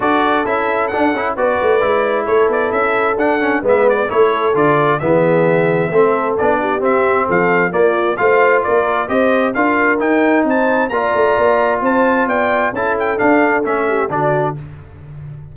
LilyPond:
<<
  \new Staff \with { instrumentName = "trumpet" } { \time 4/4 \tempo 4 = 132 d''4 e''4 fis''4 d''4~ | d''4 cis''8 d''8 e''4 fis''4 | e''8 d''8 cis''4 d''4 e''4~ | e''2 d''4 e''4 |
f''4 d''4 f''4 d''4 | dis''4 f''4 g''4 a''4 | ais''2 a''4 g''4 | a''8 g''8 f''4 e''4 d''4 | }
  \new Staff \with { instrumentName = "horn" } { \time 4/4 a'2. b'4~ | b'4 a'2. | b'4 a'2 gis'4~ | gis'4 a'4. g'4. |
a'4 f'4 c''4 ais'4 | c''4 ais'2 c''4 | d''2 c''4 d''4 | a'2~ a'8 g'8 fis'4 | }
  \new Staff \with { instrumentName = "trombone" } { \time 4/4 fis'4 e'4 d'8 e'8 fis'4 | e'2. d'8 cis'8 | b4 e'4 f'4 b4~ | b4 c'4 d'4 c'4~ |
c'4 ais4 f'2 | g'4 f'4 dis'2 | f'1 | e'4 d'4 cis'4 d'4 | }
  \new Staff \with { instrumentName = "tuba" } { \time 4/4 d'4 cis'4 d'8 cis'8 b8 a8 | gis4 a8 b8 cis'4 d'4 | gis4 a4 d4 e4~ | e4 a4 b4 c'4 |
f4 ais4 a4 ais4 | c'4 d'4 dis'4 c'4 | ais8 a8 ais4 c'4 b4 | cis'4 d'4 a4 d4 | }
>>